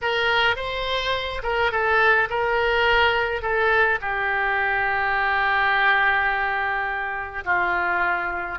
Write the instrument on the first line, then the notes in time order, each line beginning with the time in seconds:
oboe
0.01 A#4
0.56 C5
1.43 A#4
1.71 A4
2.29 A#4
3.42 A4
4.01 G4
7.44 F4